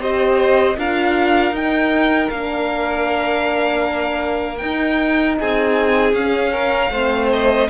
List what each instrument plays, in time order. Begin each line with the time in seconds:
0.00 cello C4, horn G4, violin C5 D#5
0.78 cello D4, horn F4, violin A#4 F5
1.52 cello D#4, horn D#4, violin G5
2.30 cello A#3, horn D4, violin F5
4.58 horn D#4, cello D#4, violin G5
5.39 cello C4, violin G#4 G#5
6.13 cello C#4, horn C#4, violin F5
6.53 violin A#4
6.91 cello A3, horn C4, violin C5
7.33 violin D#5